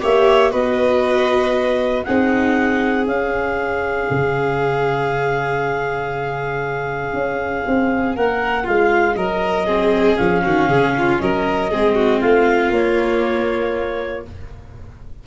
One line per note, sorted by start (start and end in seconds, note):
0.00 0.53 A#3
0.00 0.50 G4
0.00 0.51 C#5
0.00 0.52 E5
0.50 2.05 B3
0.50 2.03 F#4
0.50 2.04 B4
0.50 2.03 D#5
2.03 3.06 C4
2.03 3.06 D#4
2.03 8.16 G#4
2.03 3.05 F#5
3.06 4.08 C#4
3.06 9.67 C#4
3.06 8.15 F5
4.10 7.13 C#3
7.13 7.64 C#4
7.67 8.16 C4
8.16 8.67 A#3
8.16 8.63 A#4
8.16 8.67 F#5
8.63 9.15 G#3
8.63 9.14 F4
8.63 9.15 F5
9.15 10.17 F#3
9.15 9.66 A#4
9.15 10.17 D#5
9.66 10.17 C4
9.66 10.42 G#4
10.17 10.45 F3
10.17 11.69 C#4
10.17 11.18 F5
10.44 10.67 D#3
10.44 10.69 F#4
10.67 11.18 C#3
10.67 10.94 G#4
10.98 11.22 F4
11.19 11.72 F#3
11.19 11.70 A#4
11.19 12.20 D#5
11.70 12.22 G#3
11.70 12.74 C4
11.70 11.95 G#4
11.95 12.20 F#4
12.20 12.70 A3
12.20 14.24 F4
12.20 12.71 F5
12.70 14.22 A#3
12.70 14.26 A#3
12.70 14.25 C#5